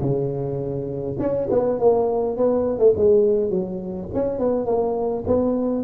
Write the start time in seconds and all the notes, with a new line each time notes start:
0.00 C#3
1.18 C#4
1.50 B3
1.79 A#3
2.36 B3
2.79 A3
2.96 G#3
3.50 F#3
4.14 C#4
4.38 B3
4.65 A#3
5.26 B3